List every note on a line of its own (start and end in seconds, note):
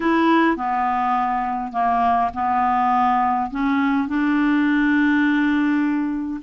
0.00 0.56 E4
0.56 1.72 B3
1.72 2.30 A#3
2.34 3.50 B3
3.51 4.08 C#4
4.08 6.41 D4